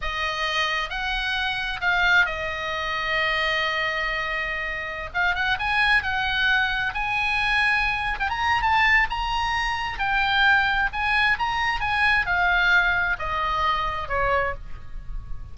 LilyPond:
\new Staff \with { instrumentName = "oboe" } { \time 4/4 \tempo 4 = 132 dis''2 fis''2 | f''4 dis''2.~ | dis''2.~ dis''16 f''8 fis''16~ | fis''16 gis''4 fis''2 gis''8.~ |
gis''2 g''16 ais''8. a''4 | ais''2 g''2 | gis''4 ais''4 gis''4 f''4~ | f''4 dis''2 cis''4 | }